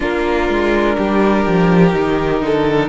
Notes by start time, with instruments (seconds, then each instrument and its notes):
0.00 cello A#3, viola D4, violin F4 A#4
0.49 cello G#3
0.97 cello G3, violin G4
1.46 cello F3
1.92 cello D#3, viola D#4
2.41 cello D3, violin A4